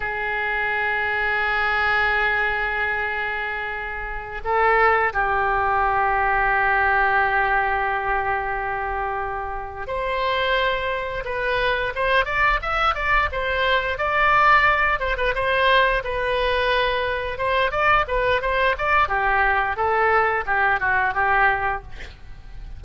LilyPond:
\new Staff \with { instrumentName = "oboe" } { \time 4/4 \tempo 4 = 88 gis'1~ | gis'2~ gis'8 a'4 g'8~ | g'1~ | g'2~ g'8 c''4.~ |
c''8 b'4 c''8 d''8 e''8 d''8 c''8~ | c''8 d''4. c''16 b'16 c''4 b'8~ | b'4. c''8 d''8 b'8 c''8 d''8 | g'4 a'4 g'8 fis'8 g'4 | }